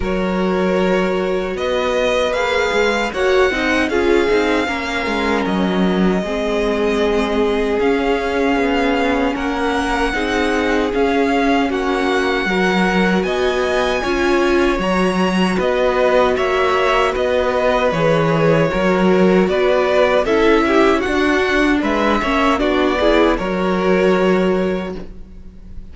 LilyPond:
<<
  \new Staff \with { instrumentName = "violin" } { \time 4/4 \tempo 4 = 77 cis''2 dis''4 f''4 | fis''4 f''2 dis''4~ | dis''2 f''2 | fis''2 f''4 fis''4~ |
fis''4 gis''2 ais''4 | dis''4 e''4 dis''4 cis''4~ | cis''4 d''4 e''4 fis''4 | e''4 d''4 cis''2 | }
  \new Staff \with { instrumentName = "violin" } { \time 4/4 ais'2 b'2 | cis''8 dis''8 gis'4 ais'2 | gis'1 | ais'4 gis'2 fis'4 |
ais'4 dis''4 cis''2 | b'4 cis''4 b'2 | ais'4 b'4 a'8 g'8 fis'4 | b'8 cis''8 fis'8 gis'8 ais'2 | }
  \new Staff \with { instrumentName = "viola" } { \time 4/4 fis'2. gis'4 | fis'8 dis'8 f'8 dis'8 cis'2 | c'2 cis'2~ | cis'4 dis'4 cis'2 |
fis'2 f'4 fis'4~ | fis'2. gis'4 | fis'2 e'4 d'4~ | d'8 cis'8 d'8 e'8 fis'2 | }
  \new Staff \with { instrumentName = "cello" } { \time 4/4 fis2 b4 ais8 gis8 | ais8 c'8 cis'8 c'8 ais8 gis8 fis4 | gis2 cis'4 b4 | ais4 c'4 cis'4 ais4 |
fis4 b4 cis'4 fis4 | b4 ais4 b4 e4 | fis4 b4 cis'4 d'4 | gis8 ais8 b4 fis2 | }
>>